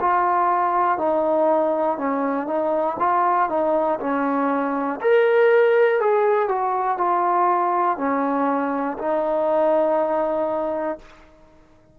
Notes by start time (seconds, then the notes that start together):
0.00 F4
0.98 D#4
1.98 C#4
2.47 D#4
2.99 F4
3.49 D#4
4.00 C#4
5.01 A#4
6.00 G#4
6.48 F#4
6.97 F4
7.98 C#4
8.98 D#4